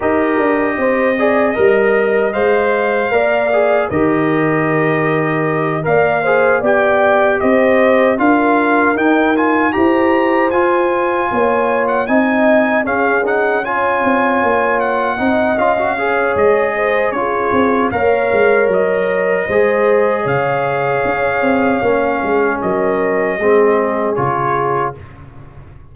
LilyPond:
<<
  \new Staff \with { instrumentName = "trumpet" } { \time 4/4 \tempo 4 = 77 dis''2. f''4~ | f''4 dis''2~ dis''8 f''8~ | f''8 g''4 dis''4 f''4 g''8 | gis''8 ais''4 gis''4.~ gis''16 fis''16 gis''8~ |
gis''8 f''8 fis''8 gis''4. fis''4 | f''4 dis''4 cis''4 f''4 | dis''2 f''2~ | f''4 dis''2 cis''4 | }
  \new Staff \with { instrumentName = "horn" } { \time 4/4 ais'4 c''8 d''8 dis''2 | d''4 ais'2~ ais'8 d''8 | c''8 d''4 c''4 ais'4.~ | ais'8 c''2 cis''4 dis''8~ |
dis''8 gis'4 cis''2 dis''8~ | dis''8 cis''4 c''8 gis'4 cis''4~ | cis''4 c''4 cis''2~ | cis''8 gis'8 ais'4 gis'2 | }
  \new Staff \with { instrumentName = "trombone" } { \time 4/4 g'4. gis'8 ais'4 c''4 | ais'8 gis'8 g'2~ g'8 ais'8 | gis'8 g'2 f'4 dis'8 | f'8 g'4 f'2 dis'8~ |
dis'8 cis'8 dis'8 f'2 dis'8 | f'16 fis'16 gis'4. f'4 ais'4~ | ais'4 gis'2. | cis'2 c'4 f'4 | }
  \new Staff \with { instrumentName = "tuba" } { \time 4/4 dis'8 d'8 c'4 g4 gis4 | ais4 dis2~ dis8 ais8~ | ais8 b4 c'4 d'4 dis'8~ | dis'8 e'4 f'4 ais4 c'8~ |
c'8 cis'4. c'8 ais4 c'8 | cis'4 gis4 cis'8 c'8 ais8 gis8 | fis4 gis4 cis4 cis'8 c'8 | ais8 gis8 fis4 gis4 cis4 | }
>>